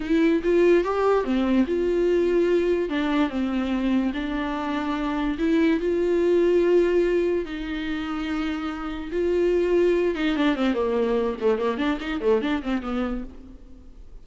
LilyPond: \new Staff \with { instrumentName = "viola" } { \time 4/4 \tempo 4 = 145 e'4 f'4 g'4 c'4 | f'2. d'4 | c'2 d'2~ | d'4 e'4 f'2~ |
f'2 dis'2~ | dis'2 f'2~ | f'8 dis'8 d'8 c'8 ais4. a8 | ais8 d'8 dis'8 a8 d'8 c'8 b4 | }